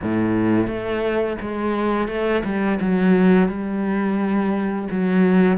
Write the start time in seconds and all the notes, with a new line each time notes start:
0.02 A2
0.67 A3
1.41 G#3
2.07 A3
2.44 G3
2.80 F#3
3.48 G3
4.90 F#3